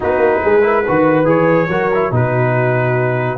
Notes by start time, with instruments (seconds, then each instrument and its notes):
0.00 tuba B3, trombone D#4, horn F#4, trumpet B4
0.17 tuba A#3
0.42 tuba G#3, horn G#4
0.62 trombone E4, horn A#4
0.85 tuba D#3, trombone F#4, horn B4
1.24 tuba E3, trombone G#4, trumpet C#5
1.68 tuba F#3, trombone F#4, horn A#4
1.93 trombone E4
2.11 tuba B2, trombone D#4, horn F#4, trumpet B4